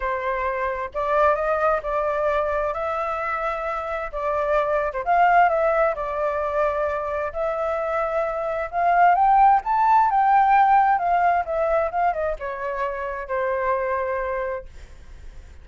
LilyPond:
\new Staff \with { instrumentName = "flute" } { \time 4/4 \tempo 4 = 131 c''2 d''4 dis''4 | d''2 e''2~ | e''4 d''4.~ d''16 c''16 f''4 | e''4 d''2. |
e''2. f''4 | g''4 a''4 g''2 | f''4 e''4 f''8 dis''8 cis''4~ | cis''4 c''2. | }